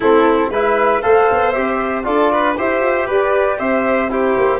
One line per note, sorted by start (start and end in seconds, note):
0.00 0.49 A3
0.00 0.53 C4
0.00 0.50 E4
0.00 0.51 A4
0.49 1.00 G#3
0.49 1.02 E4
0.49 1.02 B4
0.49 1.01 E5
1.01 1.30 A3
1.01 1.53 A4
1.01 2.04 C5
1.01 1.51 F5
1.31 1.56 B3
1.51 2.06 C4
1.51 2.04 G4
1.51 2.02 E5
2.03 2.57 D4
2.03 2.55 F4
2.03 2.32 A4
2.03 2.55 D5
2.32 2.57 B4
2.57 2.80 E4
2.57 4.09 G4
2.57 3.06 C5
2.57 3.09 E5
2.80 3.06 F4
3.06 3.59 G4
3.06 3.57 B4
3.06 3.59 D5
3.59 4.36 C4
3.59 4.10 C5
3.59 4.10 E5
4.09 4.59 E4
4.09 4.59 G4
4.09 4.59 C5
4.37 4.59 A#3